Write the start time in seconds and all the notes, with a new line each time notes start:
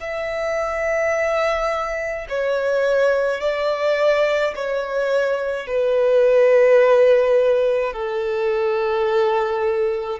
0.00 E5
2.29 C#5
3.40 D5
4.55 C#5
5.67 B4
7.92 A4